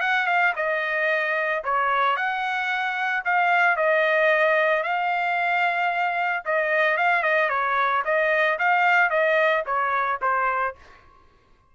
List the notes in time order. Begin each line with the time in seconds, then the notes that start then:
0.00 F#5
0.26 F5
0.56 D#5
1.64 C#5
2.16 F#5
3.24 F5
3.76 D#5
4.83 F5
6.45 D#5
6.97 F5
7.22 D#5
7.49 C#5
8.05 D#5
8.59 F5
9.10 D#5
9.66 C#5
10.22 C5